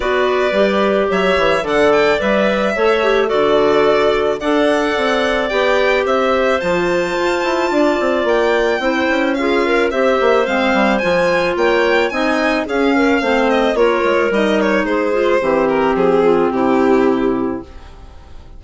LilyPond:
<<
  \new Staff \with { instrumentName = "violin" } { \time 4/4 \tempo 4 = 109 d''2 e''4 fis''8 g''8 | e''2 d''2 | fis''2 g''4 e''4 | a''2. g''4~ |
g''4 f''4 e''4 f''4 | gis''4 g''4 gis''4 f''4~ | f''8 dis''8 cis''4 dis''8 cis''8 c''4~ | c''8 ais'8 gis'4 g'2 | }
  \new Staff \with { instrumentName = "clarinet" } { \time 4/4 b'2 cis''4 d''4~ | d''4 cis''4 a'2 | d''2. c''4~ | c''2 d''2 |
c''4 gis'8 ais'8 c''2~ | c''4 cis''4 dis''4 gis'8 ais'8 | c''4 ais'2 gis'4 | g'4. f'8 e'2 | }
  \new Staff \with { instrumentName = "clarinet" } { \time 4/4 fis'4 g'2 a'4 | b'4 a'8 g'8 fis'2 | a'2 g'2 | f'1 |
e'4 f'4 g'4 c'4 | f'2 dis'4 cis'4 | c'4 f'4 dis'4. f'8 | c'1 | }
  \new Staff \with { instrumentName = "bassoon" } { \time 4/4 b4 g4 fis8 e8 d4 | g4 a4 d2 | d'4 c'4 b4 c'4 | f4 f'8 e'8 d'8 c'8 ais4 |
c'8 cis'4. c'8 ais8 gis8 g8 | f4 ais4 c'4 cis'4 | a4 ais8 gis8 g4 gis4 | e4 f4 c2 | }
>>